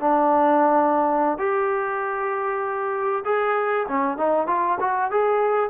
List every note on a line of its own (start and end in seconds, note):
0.00 1.38 D4
1.38 3.24 G4
3.25 3.87 G#4
3.88 4.18 C#4
4.18 4.47 D#4
4.47 4.78 F4
4.80 5.11 F#4
5.11 5.70 G#4